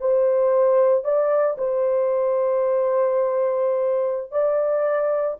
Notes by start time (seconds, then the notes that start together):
0.00 C5
1.04 D5
1.58 C5
4.31 D5